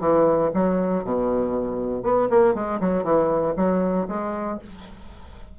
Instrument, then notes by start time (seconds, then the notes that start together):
bassoon
0.00 E3
0.54 F#3
1.04 B2
2.03 B3
2.30 A#3
2.54 G#3
2.80 F#3
3.04 E3
3.56 F#3
4.08 G#3